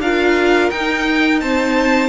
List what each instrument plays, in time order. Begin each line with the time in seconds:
0.00 cello D4, viola F4, violin A#4 F5
0.70 cello D#4, viola D#4, violin G5
1.40 viola C4, violin C5 A5